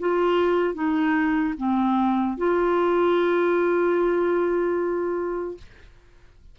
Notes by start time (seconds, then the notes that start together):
0.00 F4
0.75 D#4
1.58 C4
2.38 F4